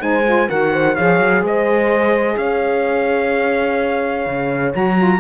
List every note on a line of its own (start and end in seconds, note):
0.00 0.49 G#3
0.00 0.24 D#4
0.00 0.49 C5
0.00 0.49 G#5
0.25 0.48 F4
0.49 0.99 D#3
0.49 0.95 F#4
0.49 0.72 A#4
0.49 0.96 F#5
0.72 0.95 C5
0.95 1.19 F3
0.95 4.73 G#4
0.95 1.42 C#5
0.95 1.43 F5
1.19 1.42 F#3
1.42 2.37 G#3
1.42 2.38 C5
1.42 2.37 D#5
2.37 4.26 C#4
2.37 5.20 C#5
2.37 4.74 F5
4.27 4.74 C#3
4.73 5.20 F#3
4.73 4.96 F#4
4.73 5.20 A#5
4.97 5.20 F4